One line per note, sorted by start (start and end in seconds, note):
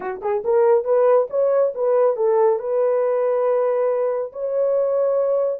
0.00 0.20 F#4
0.21 0.43 G#4
0.44 0.84 A#4
0.84 1.27 B4
1.29 1.73 C#5
1.75 2.16 B4
2.16 2.59 A4
2.59 4.32 B4
4.32 5.60 C#5